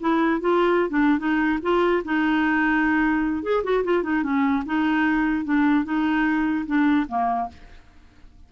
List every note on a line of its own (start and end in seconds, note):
0.00 0.41 E4
0.41 0.89 F4
0.89 1.18 D4
1.18 1.59 D#4
1.62 2.03 F4
2.04 3.43 D#4
3.43 3.63 G#4
3.63 3.84 F#4
3.84 4.03 F4
4.03 4.23 D#4
4.23 4.63 C#4
4.65 5.45 D#4
5.45 5.84 D4
5.84 6.65 D#4
6.66 7.07 D4
7.08 7.49 A#3